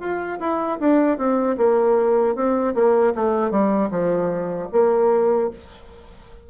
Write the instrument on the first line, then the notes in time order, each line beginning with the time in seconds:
bassoon
0.00 F4
0.40 E4
0.80 D4
1.18 C4
1.58 A#3
2.36 C4
2.75 A#3
3.16 A3
3.51 G3
3.91 F3
4.73 A#3